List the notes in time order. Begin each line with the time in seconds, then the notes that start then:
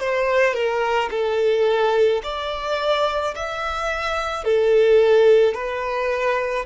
0.00 C5
0.54 A#4
1.11 A4
2.24 D5
3.36 E5
4.45 A4
5.55 B4